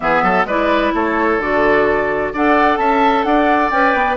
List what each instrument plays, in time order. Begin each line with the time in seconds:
0.00 bassoon E3, clarinet B3, oboe G#4, flute E5
0.22 bassoon F#3, oboe A4
0.44 bassoon G#3, clarinet E4, oboe B4, flute D5
0.94 bassoon A3, oboe A4, flute C#5
1.37 bassoon D3, clarinet F#4, flute D5
2.33 bassoon D4, clarinet A4, oboe D5, flute F#5
2.77 bassoon C#4, oboe E5, flute A5
3.23 bassoon D4, oboe D5, flute F#5
3.70 bassoon C#4, clarinet B4, flute G5
3.94 bassoon B3